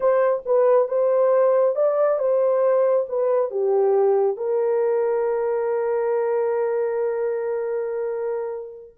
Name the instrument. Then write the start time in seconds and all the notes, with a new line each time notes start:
horn
0.00 C5
0.45 B4
0.88 C5
1.75 D5
2.18 C5
3.09 B4
3.51 G4
4.37 A#4